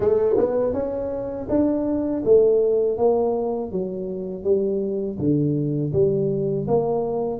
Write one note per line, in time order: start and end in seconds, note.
0.00 0.36 A3
0.37 0.73 B3
0.73 1.47 C#4
1.48 2.23 D4
2.25 2.97 A3
2.97 3.71 A#3
3.71 4.43 F#3
4.43 5.18 G3
5.18 5.92 D3
5.93 6.67 G3
6.67 7.40 A#3